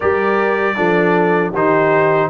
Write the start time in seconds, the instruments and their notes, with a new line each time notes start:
0.00 tuba G3, trombone G4, horn A#4, trumpet D5
0.76 tuba F3, trombone D4, horn A4
1.52 tuba D#3, trombone D#4, horn G4, trumpet C5